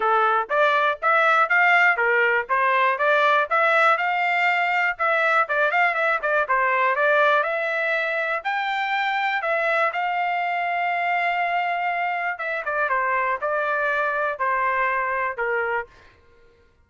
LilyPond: \new Staff \with { instrumentName = "trumpet" } { \time 4/4 \tempo 4 = 121 a'4 d''4 e''4 f''4 | ais'4 c''4 d''4 e''4 | f''2 e''4 d''8 f''8 | e''8 d''8 c''4 d''4 e''4~ |
e''4 g''2 e''4 | f''1~ | f''4 e''8 d''8 c''4 d''4~ | d''4 c''2 ais'4 | }